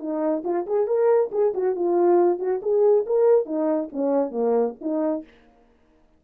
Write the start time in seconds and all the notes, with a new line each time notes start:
0.00 D#4
0.44 F4
0.67 G#4
0.87 A#4
1.32 G#4
1.54 F#4
1.75 F4
2.39 F#4
2.62 G#4
3.06 A#4
3.46 D#4
3.92 C#4
4.31 A#3
4.81 D#4